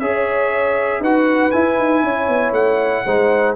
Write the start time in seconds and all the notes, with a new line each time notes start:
0.00 C#4 G#4 C#5 E5
1.00 D#4 F#4 B4 F#5
1.51 E4 G#5
1.78 D#4
2.03 C#4 C#5
2.28 B3
2.52 A3 F#5
3.05 G#3 D#4 C5